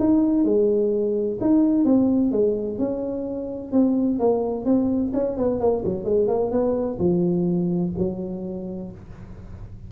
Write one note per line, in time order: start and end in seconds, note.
0.00 0.45 D#4
0.45 1.38 G#3
1.41 1.85 D#4
1.85 2.32 C4
2.32 2.79 G#3
2.79 3.72 C#4
3.72 4.19 C4
4.20 4.66 A#3
4.66 5.12 C4
5.14 5.37 C#4
5.37 5.60 B3
5.60 5.84 A#3
5.85 6.04 F#3
6.04 6.28 G#3
6.28 6.51 A#3
6.52 6.98 B3
6.99 7.93 F3
7.98 8.92 F#3